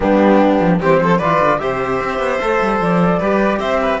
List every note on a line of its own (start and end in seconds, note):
0.00 0.59 G3
0.00 0.79 B3
0.00 0.80 D4
0.00 0.80 G4
0.59 0.79 F3
0.80 1.00 E3
0.80 1.21 C4
0.80 1.00 G4
0.80 1.18 C5
1.00 1.20 F3
1.00 1.18 A4
1.18 1.40 E3
1.18 1.59 F4
1.18 1.58 B4
1.18 1.58 D5
1.40 1.60 D3
1.58 2.00 C3
1.58 2.39 G4
1.58 3.18 C5
1.58 2.78 E5
2.00 2.19 C4
2.19 2.39 B3
2.40 2.60 A3
2.40 3.21 A4
2.61 2.80 G3
2.80 3.20 F3
2.80 3.60 D5
3.18 3.59 G3
3.18 4.00 G4
3.18 3.58 B4
3.59 3.99 C4
3.59 3.80 C5
3.59 4.00 E5
3.81 4.00 B4